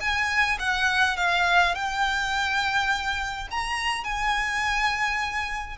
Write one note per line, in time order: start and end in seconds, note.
0.00 0.58 G#5
0.59 1.16 F#5
1.16 1.74 F5
1.75 3.48 G5
3.51 4.04 A#5
4.04 5.77 G#5